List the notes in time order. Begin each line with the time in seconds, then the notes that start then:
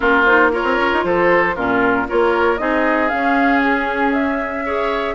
0.00 A#3 C#4 F4 A#4
0.25 D#4 C5
0.52 F4 A#4 C#5
0.63 C4
0.77 C#4
0.93 D#4
1.04 F3 A4 C5
1.55 A#2 C#4 F4 A#4
2.07 A#3 F4 A#4 C#5
2.57 C4 D#4 G#4 D#5
3.08 C#4 F5
3.61 G#4
4.12 E5
4.65 G#4 C#5